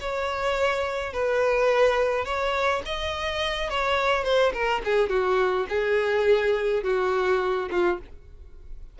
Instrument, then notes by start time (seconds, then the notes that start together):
violin
0.00 C#5
1.13 B4
2.25 C#5
2.85 D#5
3.70 C#5
4.24 C5
4.53 A#4
4.84 G#4
5.09 F#4
5.69 G#4
6.83 F#4
7.70 F4